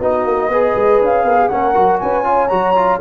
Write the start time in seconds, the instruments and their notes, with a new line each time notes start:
0.00 tuba B3, trombone D#4, horn F#4, flute D#5
0.25 tuba A#3
0.49 tuba B3, trombone G#4, horn B4
0.75 tuba G#3
1.01 tuba C#4, flute F5
1.24 tuba B3, horn A#4
1.39 horn G#4
1.48 tuba A#3, trombone C#4, horn A#4, flute F#5
1.75 tuba F#3, trombone F#4
1.99 tuba C#4, horn B4, flute G#5
2.24 trombone F4, horn C#5
2.48 tuba F#3, trombone F#4, flute A#5
2.75 trombone F4